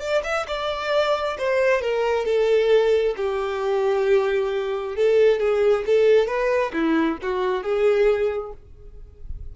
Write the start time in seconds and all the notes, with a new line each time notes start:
0.00 D5
0.24 E5
0.48 D5
1.38 C5
1.82 A#4
2.26 A4
3.17 G4
4.96 A4
5.40 G#4
5.86 A4
6.28 B4
6.73 E4
7.23 F#4
7.63 G#4